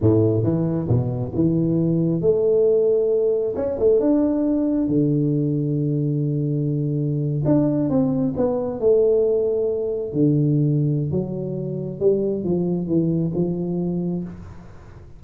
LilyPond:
\new Staff \with { instrumentName = "tuba" } { \time 4/4 \tempo 4 = 135 a,4 e4 b,4 e4~ | e4 a2. | cis'8 a8 d'2 d4~ | d1~ |
d8. d'4 c'4 b4 a16~ | a2~ a8. d4~ d16~ | d4 fis2 g4 | f4 e4 f2 | }